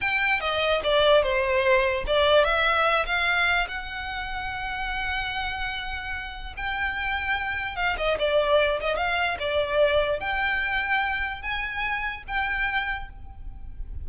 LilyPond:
\new Staff \with { instrumentName = "violin" } { \time 4/4 \tempo 4 = 147 g''4 dis''4 d''4 c''4~ | c''4 d''4 e''4. f''8~ | f''4 fis''2.~ | fis''1 |
g''2. f''8 dis''8 | d''4. dis''8 f''4 d''4~ | d''4 g''2. | gis''2 g''2 | }